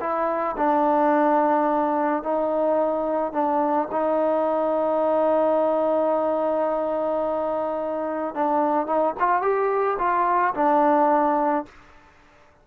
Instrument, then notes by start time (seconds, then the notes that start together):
trombone
0.00 E4
0.57 D4
2.23 D#4
3.32 D4
3.91 D#4
8.34 D4
8.86 D#4
9.19 F4
9.42 G4
9.98 F4
10.54 D4